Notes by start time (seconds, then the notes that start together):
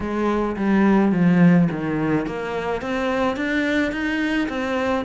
0.00 G#3
0.56 G3
1.12 F3
1.71 D#3
2.26 A#3
2.81 C4
3.36 D4
3.92 D#4
4.48 C4